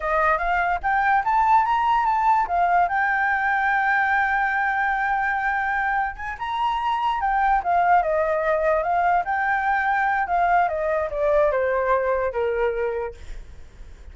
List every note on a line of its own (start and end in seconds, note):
0.00 0.38 D#5
0.38 0.79 F5
0.82 1.23 G5
1.24 1.65 A5
1.65 2.05 A#5
2.05 2.46 A5
2.47 2.88 F5
2.88 6.16 G5
6.16 6.36 G#5
6.38 7.20 A#5
7.20 7.61 G5
7.63 8.02 F5
8.02 8.83 D#5
8.83 9.24 F5
9.24 10.27 G5
10.27 10.68 F5
10.68 11.09 D#5
11.10 11.51 D5
11.51 12.32 C5
12.32 13.14 A#4